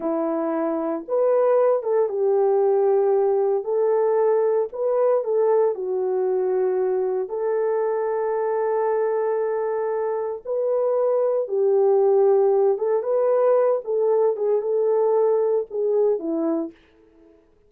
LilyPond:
\new Staff \with { instrumentName = "horn" } { \time 4/4 \tempo 4 = 115 e'2 b'4. a'8 | g'2. a'4~ | a'4 b'4 a'4 fis'4~ | fis'2 a'2~ |
a'1 | b'2 g'2~ | g'8 a'8 b'4. a'4 gis'8 | a'2 gis'4 e'4 | }